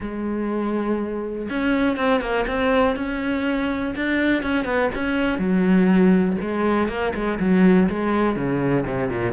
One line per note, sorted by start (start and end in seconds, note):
0.00 1.48 G#3
1.49 1.96 C#4
1.96 2.21 C4
2.21 2.45 A#3
2.47 2.96 C4
2.96 3.94 C#4
3.95 4.43 D4
4.43 4.65 C#4
4.65 4.89 B3
4.94 5.38 C#4
5.38 6.36 F#3
6.41 6.88 G#3
6.88 7.13 A#3
7.14 7.39 G#3
7.39 7.88 F#3
7.89 8.35 G#3
8.35 8.85 C#3
8.85 9.08 C3
9.08 9.32 A#2